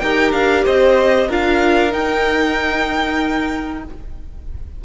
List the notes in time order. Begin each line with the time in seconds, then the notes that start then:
0.00 D#4 G4 A#4 G5
0.32 D4 F5
0.66 C4 C5 D#5
1.28 D4 F4 A#4 F5
1.91 D#4 G5